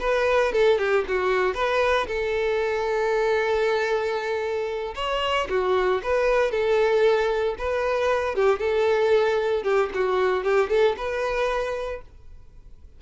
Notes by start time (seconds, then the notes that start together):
0.00 B4
0.52 A4
0.78 G4
1.08 F#4
1.54 B4
2.07 A4
4.95 C#5
5.49 F#4
6.03 B4
6.51 A4
7.58 B4
8.35 G4
8.59 A4
9.63 G4
9.94 F#4
10.43 G4
10.69 A4
10.97 B4